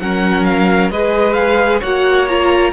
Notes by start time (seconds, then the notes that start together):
0.00 F#3 C#4 A#4 F#5
0.45 F5
0.90 G#3 G#4 B4 D#5
1.33 F5
1.81 A#3 F#4 C#5 F#5
2.29 F4 A#5